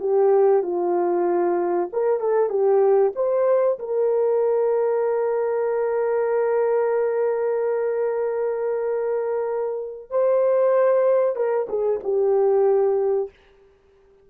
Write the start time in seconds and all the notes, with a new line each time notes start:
0.00 G4
0.63 F4
1.93 A#4
2.20 A4
2.49 G4
3.16 C5
3.79 A#4
10.10 C5
11.36 A#4
11.69 G#4
12.04 G4